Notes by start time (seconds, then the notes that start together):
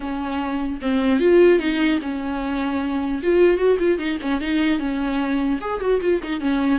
0.00 C#4
0.81 C4
1.19 F4
1.59 D#4
2.02 C#4
3.22 F4
3.57 F#4
3.79 F4
3.98 D#4
4.21 C#4
4.40 D#4
4.79 C#4
5.60 G#4
5.80 F#4
6.01 F4
6.23 D#4
6.40 C#4